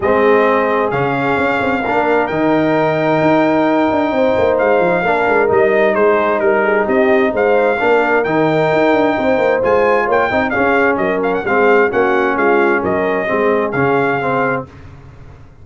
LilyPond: <<
  \new Staff \with { instrumentName = "trumpet" } { \time 4/4 \tempo 4 = 131 dis''2 f''2~ | f''4 g''2.~ | g''2 f''2 | dis''4 c''4 ais'4 dis''4 |
f''2 g''2~ | g''4 gis''4 g''4 f''4 | dis''8 f''16 fis''16 f''4 fis''4 f''4 | dis''2 f''2 | }
  \new Staff \with { instrumentName = "horn" } { \time 4/4 gis'1 | ais'1~ | ais'4 c''2 ais'4~ | ais'4 gis'4 ais'8 gis'8 g'4 |
c''4 ais'2. | c''2 cis''8 dis''8 gis'4 | ais'4 gis'4 fis'4 f'4 | ais'4 gis'2. | }
  \new Staff \with { instrumentName = "trombone" } { \time 4/4 c'2 cis'2 | d'4 dis'2.~ | dis'2. d'4 | dis'1~ |
dis'4 d'4 dis'2~ | dis'4 f'4. dis'8 cis'4~ | cis'4 c'4 cis'2~ | cis'4 c'4 cis'4 c'4 | }
  \new Staff \with { instrumentName = "tuba" } { \time 4/4 gis2 cis4 cis'8 c'8 | ais4 dis2 dis'4~ | dis'8 d'8 c'8 ais8 gis8 f8 ais8 gis8 | g4 gis4 g4 c'4 |
gis4 ais4 dis4 dis'8 d'8 | c'8 ais8 gis4 ais8 c'8 cis'4 | fis4 gis4 ais4 gis4 | fis4 gis4 cis2 | }
>>